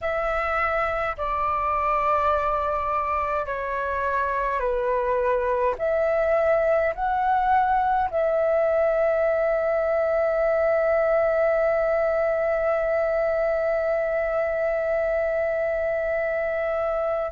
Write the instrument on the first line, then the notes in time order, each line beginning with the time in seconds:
flute
0.01 E5
1.17 D5
3.46 C#5
4.59 B4
5.78 E5
6.94 F#5
8.10 E5